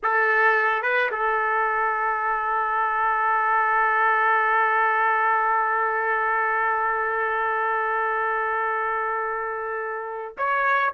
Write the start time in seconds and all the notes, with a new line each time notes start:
0.02 A4
0.82 B4
1.11 A4
10.37 C#5